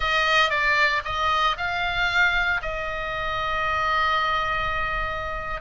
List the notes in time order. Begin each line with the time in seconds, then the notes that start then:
0.00 D#5
0.50 D5
1.04 D#5
1.57 F5
2.62 D#5